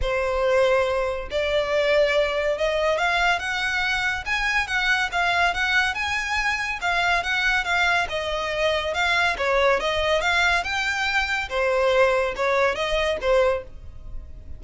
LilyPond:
\new Staff \with { instrumentName = "violin" } { \time 4/4 \tempo 4 = 141 c''2. d''4~ | d''2 dis''4 f''4 | fis''2 gis''4 fis''4 | f''4 fis''4 gis''2 |
f''4 fis''4 f''4 dis''4~ | dis''4 f''4 cis''4 dis''4 | f''4 g''2 c''4~ | c''4 cis''4 dis''4 c''4 | }